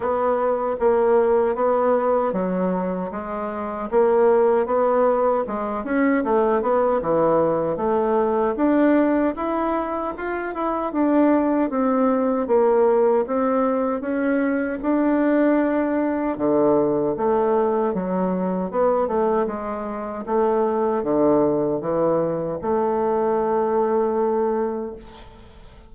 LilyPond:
\new Staff \with { instrumentName = "bassoon" } { \time 4/4 \tempo 4 = 77 b4 ais4 b4 fis4 | gis4 ais4 b4 gis8 cis'8 | a8 b8 e4 a4 d'4 | e'4 f'8 e'8 d'4 c'4 |
ais4 c'4 cis'4 d'4~ | d'4 d4 a4 fis4 | b8 a8 gis4 a4 d4 | e4 a2. | }